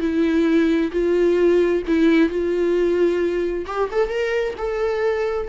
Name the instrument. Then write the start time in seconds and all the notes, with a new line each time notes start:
viola
0.00 E4
0.91 F4
1.87 E4
2.29 F4
3.66 G4
3.91 A4
4.08 A#4
4.57 A4